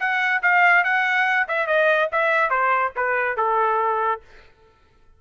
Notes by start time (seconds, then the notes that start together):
0.00 F#5
0.43 F5
0.84 F#5
1.48 E5
1.67 D#5
2.12 E5
2.51 C5
2.96 B4
3.38 A4